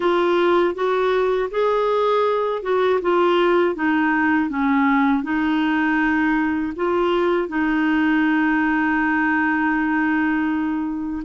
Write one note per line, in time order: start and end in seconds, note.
0.00 0.74 F4
0.74 1.49 F#4
1.50 2.62 G#4
2.62 3.00 F#4
3.01 3.75 F4
3.75 4.49 D#4
4.49 5.23 C#4
5.23 6.73 D#4
6.76 7.48 F4
7.48 11.23 D#4